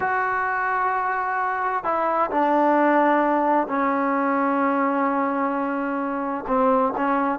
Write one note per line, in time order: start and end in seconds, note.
0.00 1.84 F#4
1.84 2.30 E4
2.31 3.67 D4
3.67 6.44 C#4
6.47 6.93 C4
6.97 7.39 C#4